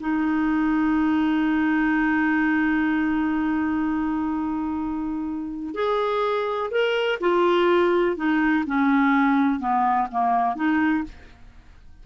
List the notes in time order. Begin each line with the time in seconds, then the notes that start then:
0.00 D#4
5.74 G#4
6.71 A#4
7.20 F4
8.16 D#4
8.66 C#4
9.60 B3
10.11 A#3
10.56 D#4